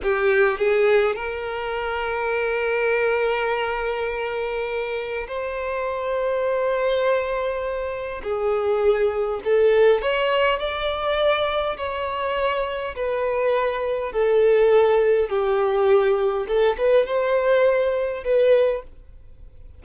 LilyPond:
\new Staff \with { instrumentName = "violin" } { \time 4/4 \tempo 4 = 102 g'4 gis'4 ais'2~ | ais'1~ | ais'4 c''2.~ | c''2 gis'2 |
a'4 cis''4 d''2 | cis''2 b'2 | a'2 g'2 | a'8 b'8 c''2 b'4 | }